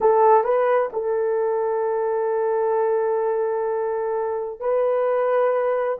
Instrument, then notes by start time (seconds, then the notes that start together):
horn
0.00 A4
0.43 B4
0.93 A4
4.60 B4